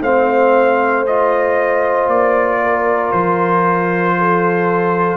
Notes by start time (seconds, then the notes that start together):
0.00 A3 C4 C5 F5
1.06 F4 D#5
2.07 A#3 D5
2.61 A#4
3.11 F3 C5
4.17 A4